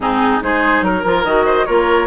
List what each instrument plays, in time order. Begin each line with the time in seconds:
0.00 bassoon G#2, clarinet C4, oboe D#4, flute G#4
0.41 bassoon G#3, clarinet D#4, oboe G#4, flute C5
0.81 bassoon F#3, flute A#4, oboe A#4
1.05 bassoon F3, clarinet F4
1.24 bassoon D#3, clarinet F#4, flute D#5
1.45 oboe C5
1.65 bassoon A#3, clarinet F4, oboe A#4, flute C#5